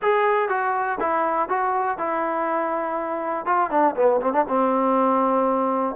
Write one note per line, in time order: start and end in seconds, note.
0.02 0.48 G#4
0.48 0.98 F#4
0.99 1.48 E4
1.48 1.97 F#4
1.97 3.45 E4
3.45 3.70 F4
3.70 3.95 D4
3.96 4.20 B3
4.21 4.33 C4
4.33 4.45 D4
4.48 5.95 C4